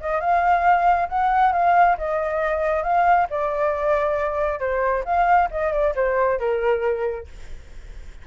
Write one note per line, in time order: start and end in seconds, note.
0.00 0.20 D#5
0.20 1.08 F5
1.08 1.52 F#5
1.52 1.97 F5
1.98 2.83 D#5
2.83 3.27 F5
3.30 4.59 D5
4.59 5.03 C5
5.05 5.49 F5
5.50 5.72 D#5
5.72 5.94 D5
5.95 6.39 C5
6.39 7.27 A#4